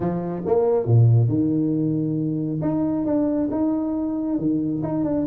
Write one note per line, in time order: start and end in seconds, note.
0.00 0.42 F3
0.45 0.85 A#3
0.85 1.28 A#2
1.28 2.60 D#3
2.61 3.05 D#4
3.05 3.49 D4
3.51 4.38 D#4
4.38 4.82 D#3
4.82 5.04 D#4
5.04 5.26 D4